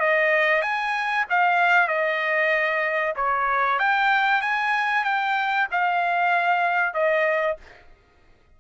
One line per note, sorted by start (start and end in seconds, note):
0.00 0.62 D#5
0.62 1.25 G#5
1.30 1.88 F5
1.88 3.15 D#5
3.16 3.79 C#5
3.80 4.42 G5
4.42 5.05 G#5
5.05 5.68 G5
5.72 6.94 F5
6.94 7.57 D#5